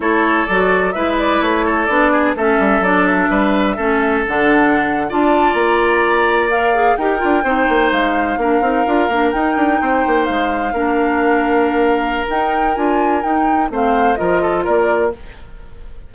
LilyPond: <<
  \new Staff \with { instrumentName = "flute" } { \time 4/4 \tempo 4 = 127 cis''4 d''4 e''8 d''8 cis''4 | d''4 e''4 d''8 e''4.~ | e''4 fis''4.~ fis''16 a''4 ais''16~ | ais''4.~ ais''16 f''4 g''4~ g''16~ |
g''8. f''2. g''16~ | g''4.~ g''16 f''2~ f''16~ | f''2 g''4 gis''4 | g''4 f''4 dis''4 d''4 | }
  \new Staff \with { instrumentName = "oboe" } { \time 4/4 a'2 b'4. a'8~ | a'8 gis'8 a'2 b'4 | a'2~ a'8. d''4~ d''16~ | d''2~ d''8. ais'4 c''16~ |
c''4.~ c''16 ais'2~ ais'16~ | ais'8. c''2 ais'4~ ais'16~ | ais'1~ | ais'4 c''4 ais'8 a'8 ais'4 | }
  \new Staff \with { instrumentName = "clarinet" } { \time 4/4 e'4 fis'4 e'2 | d'4 cis'4 d'2 | cis'4 d'4.~ d'16 f'4~ f'16~ | f'4.~ f'16 ais'8 gis'8 g'8 f'8 dis'16~ |
dis'4.~ dis'16 d'8 dis'8 f'8 d'8 dis'16~ | dis'2~ dis'8. d'4~ d'16~ | d'2 dis'4 f'4 | dis'4 c'4 f'2 | }
  \new Staff \with { instrumentName = "bassoon" } { \time 4/4 a4 fis4 gis4 a4 | b4 a8 g8 fis4 g4 | a4 d4.~ d16 d'4 ais16~ | ais2~ ais8. dis'8 d'8 c'16~ |
c'16 ais8 gis4 ais8 c'8 d'8 ais8 dis'16~ | dis'16 d'8 c'8 ais8 gis4 ais4~ ais16~ | ais2 dis'4 d'4 | dis'4 a4 f4 ais4 | }
>>